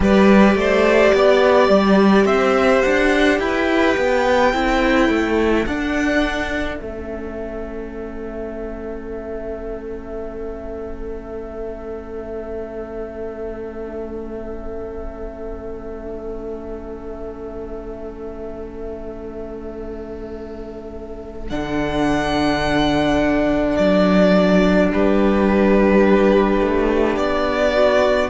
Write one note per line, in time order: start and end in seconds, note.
0.00 0.55 G3
0.00 4.53 G4
0.00 0.58 B4
0.00 2.26 D5
0.55 1.11 A3
0.55 1.15 C5
1.14 1.68 B3
1.14 2.25 D5
1.68 2.25 G3
2.25 2.82 C4
2.25 3.38 C5
2.25 2.82 E5
2.82 3.39 D4
2.82 3.38 F#5
3.38 3.96 E4
3.38 4.53 B4
3.38 5.65 G5
3.96 4.53 B3
4.53 5.08 C4
4.53 5.66 E4
4.53 24.91 A4
5.08 5.65 A3
5.66 6.79 D4
5.66 6.77 D4
5.66 6.75 F#5
6.75 21.50 A3
6.75 21.49 C#4
6.75 21.47 E5
21.49 23.77 D3
21.49 28.29 D4
21.49 23.75 F#5
23.76 24.92 F#3
23.76 24.89 D5
24.92 26.60 G3
24.92 27.74 G4
24.92 27.16 B4
26.60 27.16 A3
27.16 28.29 B3
27.16 28.29 D5
27.74 28.29 F#4